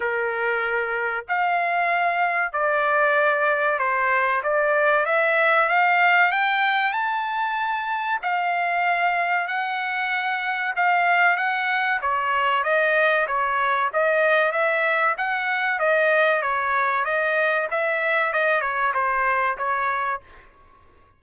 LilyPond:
\new Staff \with { instrumentName = "trumpet" } { \time 4/4 \tempo 4 = 95 ais'2 f''2 | d''2 c''4 d''4 | e''4 f''4 g''4 a''4~ | a''4 f''2 fis''4~ |
fis''4 f''4 fis''4 cis''4 | dis''4 cis''4 dis''4 e''4 | fis''4 dis''4 cis''4 dis''4 | e''4 dis''8 cis''8 c''4 cis''4 | }